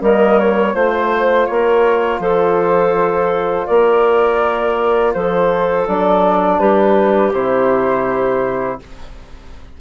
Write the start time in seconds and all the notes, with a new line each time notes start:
0.00 G3 A#3 A#4 D#5
0.39 C#5
0.73 A3 F4 C5
1.46 A#3 A#4 C#5
2.19 F3 A4 C5
3.66 A#3 A#4 D5
5.13 F3 A4 C5
5.86 F#3 D4 D5
6.59 G3 G4 B4
7.33 C3 E4 C5